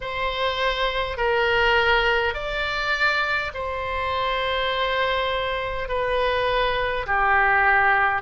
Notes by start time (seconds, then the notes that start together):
0.01 C5
1.17 A#4
2.34 D5
3.53 C5
5.88 B4
7.06 G4